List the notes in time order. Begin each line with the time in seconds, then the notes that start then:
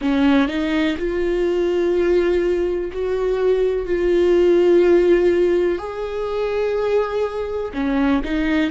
0.00 C#4
0.48 D#4
0.97 F4
2.92 F#4
3.86 F4
5.78 G#4
7.73 C#4
8.23 D#4